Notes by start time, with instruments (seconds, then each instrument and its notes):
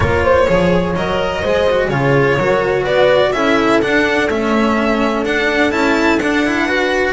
0.00 double bass A#3, cello F4, horn A#4, violin C#5
0.23 horn C5
0.46 double bass F3, cello G#4, horn C#5
0.95 double bass F#3, cello A#4, violin D#5
1.41 double bass G#3, cello G#4, horn C5
1.70 cello F#4
1.88 double bass C#3, cello F4, horn G#4, violin C#5
2.37 double bass F#3, cello F#4, horn A#4
2.82 double bass B3, horn B4, violin D5
3.32 double bass C#4, cello E4, horn A4, violin E5
3.81 cello D4, double bass D4, violin F#5
4.29 double bass A3, cello C#4, violin E5
5.24 double bass D4, cello D4, violin F#5
5.71 double bass C#4, cello E4, violin A5
6.17 double bass D4, cello D4, violin F#5
6.46 cello E4
6.66 cello F#4, horn B4